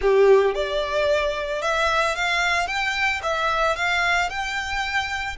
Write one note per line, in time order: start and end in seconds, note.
0.01 0.54 G4
0.54 1.61 D5
1.61 2.15 E5
2.15 2.67 F5
2.67 3.20 G5
3.22 3.75 E5
3.75 4.29 F5
4.29 5.36 G5